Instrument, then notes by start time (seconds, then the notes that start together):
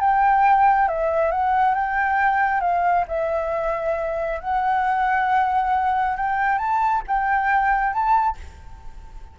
flute
0.00 G5
0.88 E5
1.31 F#5
1.74 G5
2.60 F5
3.07 E5
4.40 F#5
6.16 G5
6.58 A5
7.07 G5
7.93 A5